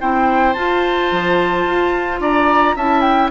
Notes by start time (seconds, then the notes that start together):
0.00 C4 E4 C5 G5
0.54 F4 A5
1.12 F3
1.66 F4
2.20 D4 D5 A#5
2.76 C#4 E4 E5 A5
3.01 G5